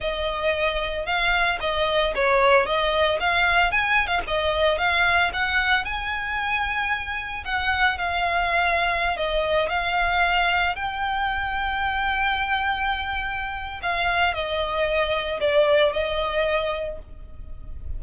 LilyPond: \new Staff \with { instrumentName = "violin" } { \time 4/4 \tempo 4 = 113 dis''2 f''4 dis''4 | cis''4 dis''4 f''4 gis''8. f''16 | dis''4 f''4 fis''4 gis''4~ | gis''2 fis''4 f''4~ |
f''4~ f''16 dis''4 f''4.~ f''16~ | f''16 g''2.~ g''8.~ | g''2 f''4 dis''4~ | dis''4 d''4 dis''2 | }